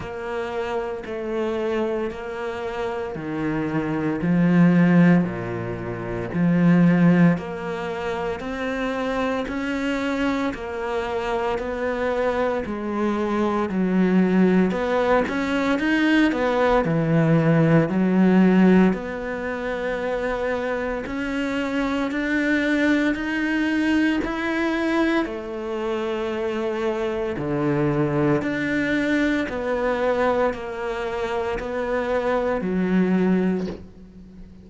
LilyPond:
\new Staff \with { instrumentName = "cello" } { \time 4/4 \tempo 4 = 57 ais4 a4 ais4 dis4 | f4 ais,4 f4 ais4 | c'4 cis'4 ais4 b4 | gis4 fis4 b8 cis'8 dis'8 b8 |
e4 fis4 b2 | cis'4 d'4 dis'4 e'4 | a2 d4 d'4 | b4 ais4 b4 fis4 | }